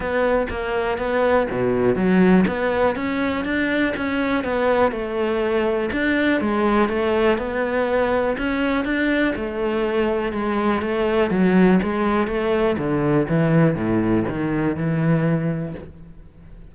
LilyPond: \new Staff \with { instrumentName = "cello" } { \time 4/4 \tempo 4 = 122 b4 ais4 b4 b,4 | fis4 b4 cis'4 d'4 | cis'4 b4 a2 | d'4 gis4 a4 b4~ |
b4 cis'4 d'4 a4~ | a4 gis4 a4 fis4 | gis4 a4 d4 e4 | a,4 dis4 e2 | }